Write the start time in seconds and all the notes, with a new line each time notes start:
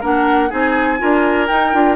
0.00 A#3 D4 A#4 F#5
0.49 C4 D#4 G#4 G#5
0.98 D4 F4 A#4
1.47 D#4 G5
1.73 D4 F4